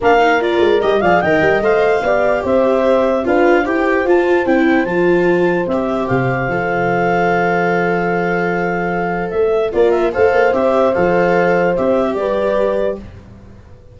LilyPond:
<<
  \new Staff \with { instrumentName = "clarinet" } { \time 4/4 \tempo 4 = 148 f''4 d''4 dis''8 f''8 g''4 | f''2 e''2 | f''4 g''4 a''4 g''4 | a''2 e''4 f''4~ |
f''1~ | f''2. e''4 | d''8 e''8 f''4 e''4 f''4~ | f''4 e''4 d''2 | }
  \new Staff \with { instrumentName = "horn" } { \time 4/4 ais'2~ ais'8 d''8 dis''4~ | dis''4 d''4 c''2 | b'4 c''2.~ | c''1~ |
c''1~ | c''1 | ais'4 c''2.~ | c''2 b'2 | }
  \new Staff \with { instrumentName = "viola" } { \time 4/4 d'8 dis'8 f'4 g'8 gis'8 ais'4 | c''4 g'2. | f'4 g'4 f'4 e'4 | f'2 g'2 |
a'1~ | a'1 | f'4 a'4 g'4 a'4~ | a'4 g'2. | }
  \new Staff \with { instrumentName = "tuba" } { \time 4/4 ais4. gis8 g8 f8 dis8 g8 | a4 b4 c'2 | d'4 e'4 f'4 c'4 | f2 c'4 c4 |
f1~ | f2. a4 | ais4 a8 ais8 c'4 f4~ | f4 c'4 g2 | }
>>